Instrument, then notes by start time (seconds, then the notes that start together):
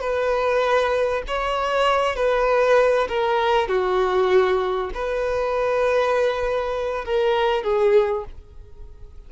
violin
0.00 B4
1.27 C#5
2.16 B4
3.08 A#4
3.68 F#4
4.94 B4
7.04 A#4
7.63 G#4